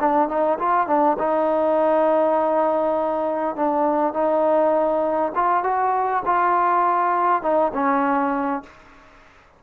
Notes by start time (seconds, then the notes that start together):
0.00 D4
0.29 D#4
0.59 F4
0.87 D4
1.19 D#4
3.56 D4
4.13 D#4
5.35 F4
5.63 F#4
6.25 F4
7.42 D#4
7.74 C#4